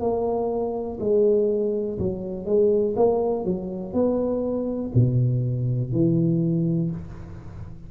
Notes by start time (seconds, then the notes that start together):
0.00 A#3
1.00 G#3
1.99 F#3
2.45 G#3
2.96 A#3
3.45 F#3
3.93 B3
4.94 B2
5.92 E3